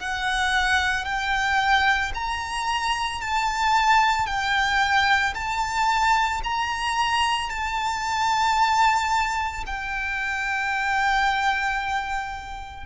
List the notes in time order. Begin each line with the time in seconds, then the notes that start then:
0.00 F#5
1.05 G5
2.15 A#5
3.21 A5
4.27 G5
5.34 A5
6.44 A#5
7.50 A5
9.67 G5